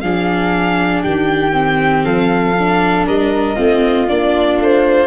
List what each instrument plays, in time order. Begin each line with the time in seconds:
0.00 tuba F3, viola D4, flute G#4, violin F5
1.03 tuba D#3, flute G4, violin G5
1.51 viola C4
2.04 tuba F3, flute A4, violin F5
2.58 viola D4
3.06 tuba G3, flute A#4, violin D#5
3.55 tuba A3, viola C4, flute F4
4.08 tuba A#3, viola D4, violin D5
4.57 tuba A3, violin C5